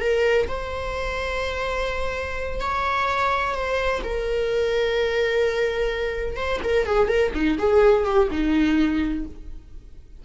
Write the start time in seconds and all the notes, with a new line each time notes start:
0.00 A#4
0.48 C5
2.60 C#5
3.55 C5
4.03 A#4
6.36 C5
6.63 A#4
6.86 G#4
7.08 A#4
7.34 D#4
7.58 G#4
8.05 G4
8.31 D#4